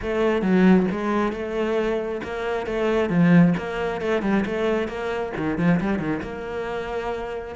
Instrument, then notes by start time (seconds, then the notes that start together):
cello
0.02 A3
0.41 F#3
0.91 G#3
1.32 A3
2.23 A#3
2.66 A3
3.09 F3
3.57 A#3
4.01 A3
4.22 G3
4.45 A3
4.88 A#3
5.37 D#3
5.57 F3
5.80 G3
5.99 D#3
6.22 A#3